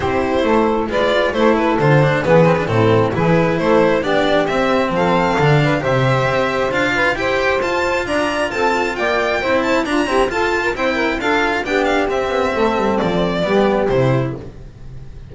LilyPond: <<
  \new Staff \with { instrumentName = "violin" } { \time 4/4 \tempo 4 = 134 c''2 d''4 c''8 b'8 | c''4 b'4 a'4 b'4 | c''4 d''4 e''4 f''4~ | f''4 e''2 f''4 |
g''4 a''4 ais''4 a''4 | g''4. a''8 ais''4 a''4 | g''4 f''4 g''8 f''8 e''4~ | e''4 d''2 c''4 | }
  \new Staff \with { instrumentName = "saxophone" } { \time 4/4 g'4 a'4 b'4 a'4~ | a'4 gis'4 e'4 gis'4 | a'4 g'2 a'4~ | a'8 b'8 c''2~ c''8 b'8 |
c''2 d''4 a'4 | d''4 c''4 f'8 g'8 a'8. ais'16 | c''8 ais'8 a'4 g'2 | a'2 g'2 | }
  \new Staff \with { instrumentName = "cello" } { \time 4/4 e'2 f'4 e'4 | f'8 d'8 b8 c'16 d'16 c'4 e'4~ | e'4 d'4 c'2 | d'4 g'2 f'4 |
g'4 f'2.~ | f'4 e'4 d'8 c'8 f'4 | e'4 f'4 d'4 c'4~ | c'2 b4 e'4 | }
  \new Staff \with { instrumentName = "double bass" } { \time 4/4 c'4 a4 gis4 a4 | d4 e4 a,4 e4 | a4 b4 c'4 f4 | d4 c4 c'4 d'4 |
e'4 f'4 d'4 c'4 | ais4 c'4 d'8 e'8 f'4 | c'4 d'4 b4 c'8 b8 | a8 g8 f4 g4 c4 | }
>>